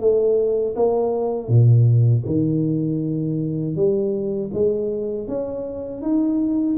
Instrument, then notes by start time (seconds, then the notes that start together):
tuba
0.00 A3
0.75 A#3
1.48 A#2
2.25 D#3
3.75 G3
4.53 G#3
5.27 C#4
6.02 D#4